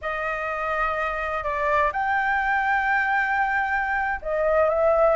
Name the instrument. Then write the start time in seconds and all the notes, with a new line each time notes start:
flute
0.01 D#5
1.43 D5
1.92 G5
4.22 D#5
4.69 E5